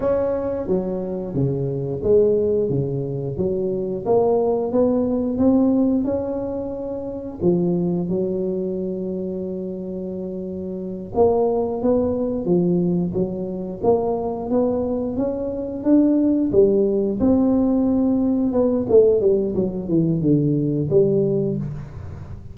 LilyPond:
\new Staff \with { instrumentName = "tuba" } { \time 4/4 \tempo 4 = 89 cis'4 fis4 cis4 gis4 | cis4 fis4 ais4 b4 | c'4 cis'2 f4 | fis1~ |
fis8 ais4 b4 f4 fis8~ | fis8 ais4 b4 cis'4 d'8~ | d'8 g4 c'2 b8 | a8 g8 fis8 e8 d4 g4 | }